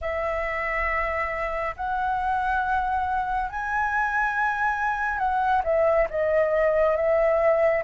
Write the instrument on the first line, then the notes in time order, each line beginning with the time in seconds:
flute
0.01 E5
1.76 F#5
3.50 G#5
5.18 F#5
5.64 E5
6.09 D#5
6.96 E5